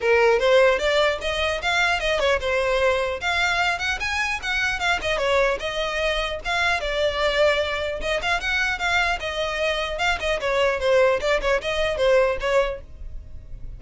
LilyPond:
\new Staff \with { instrumentName = "violin" } { \time 4/4 \tempo 4 = 150 ais'4 c''4 d''4 dis''4 | f''4 dis''8 cis''8 c''2 | f''4. fis''8 gis''4 fis''4 | f''8 dis''8 cis''4 dis''2 |
f''4 d''2. | dis''8 f''8 fis''4 f''4 dis''4~ | dis''4 f''8 dis''8 cis''4 c''4 | d''8 cis''8 dis''4 c''4 cis''4 | }